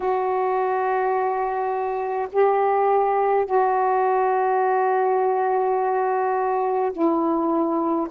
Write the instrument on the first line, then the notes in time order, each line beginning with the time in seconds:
saxophone
0.00 F#4
2.32 G4
3.46 F#4
6.92 E4